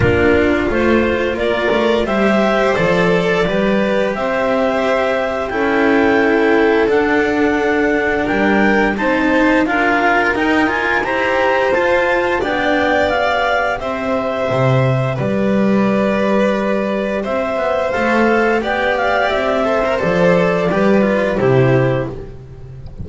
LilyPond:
<<
  \new Staff \with { instrumentName = "clarinet" } { \time 4/4 \tempo 4 = 87 ais'4 c''4 d''4 e''4 | d''2 e''2 | g''2 fis''2 | g''4 a''4 f''4 g''8 gis''8 |
ais''4 a''4 g''4 f''4 | e''2 d''2~ | d''4 e''4 f''4 g''8 f''8 | e''4 d''2 c''4 | }
  \new Staff \with { instrumentName = "violin" } { \time 4/4 f'2 ais'4 c''4~ | c''4 b'4 c''2 | a'1 | ais'4 c''4 ais'2 |
c''2 d''2 | c''2 b'2~ | b'4 c''2 d''4~ | d''8 c''4. b'4 g'4 | }
  \new Staff \with { instrumentName = "cello" } { \time 4/4 d'4 f'2 g'4 | a'4 g'2. | e'2 d'2~ | d'4 dis'4 f'4 dis'8 f'8 |
g'4 f'4 d'4 g'4~ | g'1~ | g'2 a'4 g'4~ | g'8 a'16 ais'16 a'4 g'8 f'8 e'4 | }
  \new Staff \with { instrumentName = "double bass" } { \time 4/4 ais4 a4 ais8 a8 g4 | f4 g4 c'2 | cis'2 d'2 | g4 c'4 d'4 dis'4 |
e'4 f'4 b2 | c'4 c4 g2~ | g4 c'8 b8 a4 b4 | c'4 f4 g4 c4 | }
>>